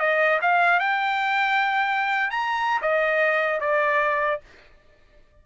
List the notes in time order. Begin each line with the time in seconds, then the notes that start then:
0.00 D#5
0.42 F5
0.80 G5
2.31 A#5
2.82 D#5
3.61 D5